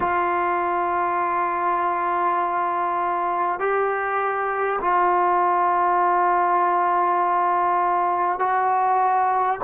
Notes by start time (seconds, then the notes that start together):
0.00 F4
3.59 G4
4.80 F4
8.39 F#4